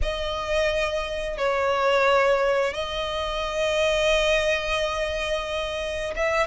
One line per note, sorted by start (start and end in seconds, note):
0.02 1.37 D#5
1.37 2.73 C#5
2.73 6.14 D#5
6.16 6.47 E5